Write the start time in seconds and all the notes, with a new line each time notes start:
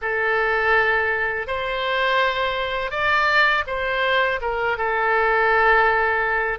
0.01 A4
1.47 C5
2.90 D5
3.66 C5
4.41 A#4
4.77 A4